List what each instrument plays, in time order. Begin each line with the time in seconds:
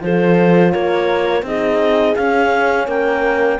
0.00 cello F3, horn F4 A4, clarinet C5
0.72 cello A#3, horn A#4, clarinet C#5
1.42 cello C4, horn D#4 G#4, clarinet D#5
2.15 horn C#4, cello C#4, clarinet F5
2.86 cello A#3, horn A#4, clarinet G5